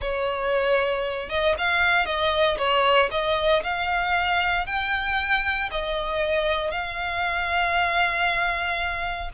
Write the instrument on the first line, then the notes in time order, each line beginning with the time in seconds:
violin
0.01 C#5
1.29 D#5
1.58 F5
2.05 D#5
2.58 C#5
3.11 D#5
3.63 F5
4.66 G5
5.71 D#5
6.71 F5